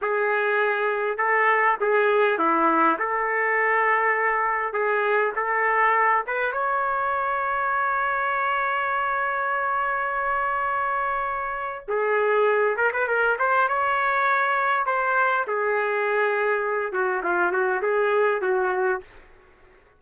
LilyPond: \new Staff \with { instrumentName = "trumpet" } { \time 4/4 \tempo 4 = 101 gis'2 a'4 gis'4 | e'4 a'2. | gis'4 a'4. b'8 cis''4~ | cis''1~ |
cis''1 | gis'4. ais'16 b'16 ais'8 c''8 cis''4~ | cis''4 c''4 gis'2~ | gis'8 fis'8 f'8 fis'8 gis'4 fis'4 | }